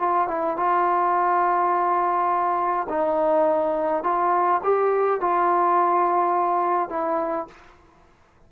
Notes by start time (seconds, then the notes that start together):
0.00 F4
0.28 E4
0.57 F4
2.90 D#4
4.04 F4
4.64 G4
5.21 F4
6.90 E4